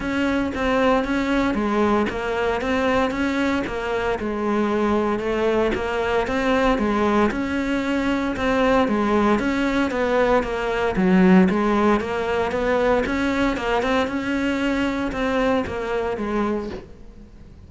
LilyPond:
\new Staff \with { instrumentName = "cello" } { \time 4/4 \tempo 4 = 115 cis'4 c'4 cis'4 gis4 | ais4 c'4 cis'4 ais4 | gis2 a4 ais4 | c'4 gis4 cis'2 |
c'4 gis4 cis'4 b4 | ais4 fis4 gis4 ais4 | b4 cis'4 ais8 c'8 cis'4~ | cis'4 c'4 ais4 gis4 | }